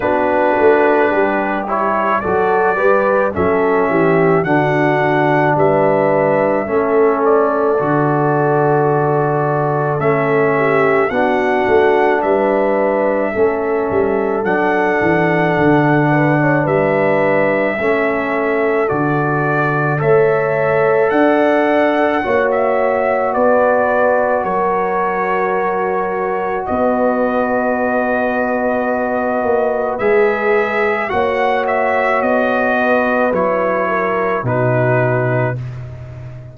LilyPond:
<<
  \new Staff \with { instrumentName = "trumpet" } { \time 4/4 \tempo 4 = 54 b'4. cis''8 d''4 e''4 | fis''4 e''4. d''4.~ | d''4 e''4 fis''4 e''4~ | e''4 fis''2 e''4~ |
e''4 d''4 e''4 fis''4~ | fis''16 e''8. d''4 cis''2 | dis''2. e''4 | fis''8 e''8 dis''4 cis''4 b'4 | }
  \new Staff \with { instrumentName = "horn" } { \time 4/4 fis'4 g'4 a'8 b'8 a'8 g'8 | fis'4 b'4 a'2~ | a'4. g'8 fis'4 b'4 | a'2~ a'8 b'16 cis''16 b'4 |
a'2 cis''4 d''4 | cis''4 b'4 ais'2 | b'1 | cis''4. b'4 ais'8 fis'4 | }
  \new Staff \with { instrumentName = "trombone" } { \time 4/4 d'4. e'8 fis'8 g'8 cis'4 | d'2 cis'4 fis'4~ | fis'4 cis'4 d'2 | cis'4 d'2. |
cis'4 fis'4 a'2 | fis'1~ | fis'2. gis'4 | fis'2 e'4 dis'4 | }
  \new Staff \with { instrumentName = "tuba" } { \time 4/4 b8 a8 g4 fis8 g8 fis8 e8 | d4 g4 a4 d4~ | d4 a4 b8 a8 g4 | a8 g8 fis8 e8 d4 g4 |
a4 d4 a4 d'4 | ais4 b4 fis2 | b2~ b8 ais8 gis4 | ais4 b4 fis4 b,4 | }
>>